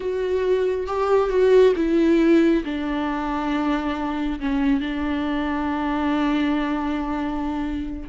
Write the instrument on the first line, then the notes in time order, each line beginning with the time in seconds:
viola
0.00 F#4
0.87 G4
1.29 F#4
1.76 E4
2.64 D4
4.39 C#4
4.80 D4